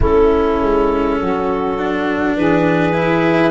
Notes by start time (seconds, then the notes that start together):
0.00 A3 C#4 E4 A4
0.61 G#3
1.18 F#3 F#4
1.77 D4
2.36 E3 G#4 B4
2.93 E4